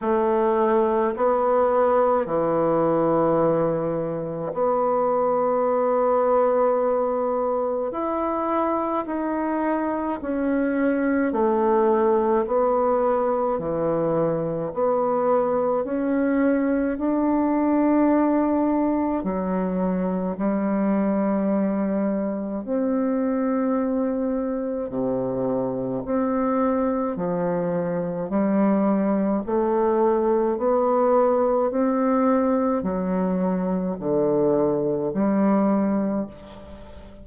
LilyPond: \new Staff \with { instrumentName = "bassoon" } { \time 4/4 \tempo 4 = 53 a4 b4 e2 | b2. e'4 | dis'4 cis'4 a4 b4 | e4 b4 cis'4 d'4~ |
d'4 fis4 g2 | c'2 c4 c'4 | f4 g4 a4 b4 | c'4 fis4 d4 g4 | }